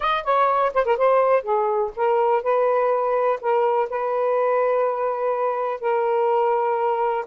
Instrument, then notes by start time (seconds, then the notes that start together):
saxophone
0.00 D#5
0.24 C#5
0.74 C5
0.85 A#4
0.97 C5
1.42 G#4
1.96 A#4
2.42 B4
3.40 A#4
3.89 B4
5.80 A#4